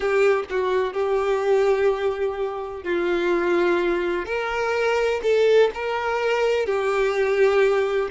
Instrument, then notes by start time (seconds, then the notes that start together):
violin
0.00 G4
0.50 F#4
0.93 G4
2.83 F4
4.25 A#4
5.23 A4
5.74 A#4
6.65 G4